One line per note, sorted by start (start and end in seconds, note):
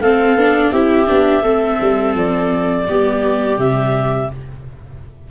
0.00 0.36 A3
0.00 0.39 C4
0.00 0.72 A4
0.00 0.72 F5
0.36 0.71 B3
0.36 0.74 D4
0.72 1.08 C4
0.72 1.07 E4
0.72 1.43 G4
0.72 2.14 E5
1.07 1.43 B3
1.07 1.43 D4
1.43 1.78 A3
1.43 2.87 C4
1.43 2.86 A4
1.81 2.15 G3
2.15 2.87 F3
2.15 3.60 D5
2.88 3.59 G3
2.88 3.58 B3
2.88 4.31 G4
3.58 4.30 C3
3.58 4.29 G3
3.58 4.31 E5